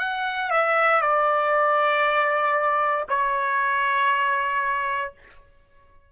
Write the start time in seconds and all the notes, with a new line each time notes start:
0.00 F#5
0.51 E5
1.01 D5
3.09 C#5